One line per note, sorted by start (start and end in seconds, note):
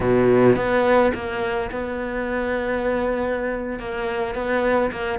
0.00 0.56 B2
0.56 1.12 B3
1.14 1.70 A#3
1.71 3.79 B3
3.79 4.35 A#3
4.35 4.91 B3
4.91 5.19 A#3